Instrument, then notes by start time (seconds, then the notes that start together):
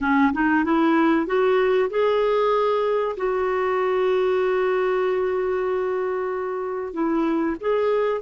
clarinet
0.01 C#4
0.32 D#4
0.64 E4
1.26 F#4
1.89 G#4
3.16 F#4
6.93 E4
7.60 G#4